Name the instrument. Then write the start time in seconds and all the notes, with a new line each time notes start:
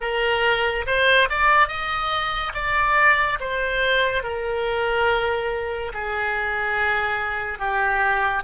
oboe
0.00 A#4
0.86 C5
1.29 D5
1.68 D#5
2.54 D5
3.40 C5
4.23 A#4
5.93 G#4
7.58 G4